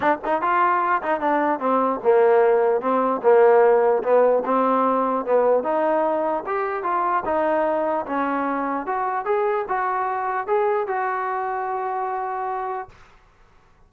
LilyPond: \new Staff \with { instrumentName = "trombone" } { \time 4/4 \tempo 4 = 149 d'8 dis'8 f'4. dis'8 d'4 | c'4 ais2 c'4 | ais2 b4 c'4~ | c'4 b4 dis'2 |
g'4 f'4 dis'2 | cis'2 fis'4 gis'4 | fis'2 gis'4 fis'4~ | fis'1 | }